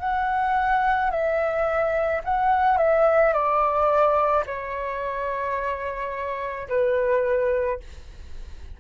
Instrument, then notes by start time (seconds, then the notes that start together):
flute
0.00 F#5
1.11 E5
2.25 F#5
2.78 E5
3.33 D5
4.46 C#5
6.69 B4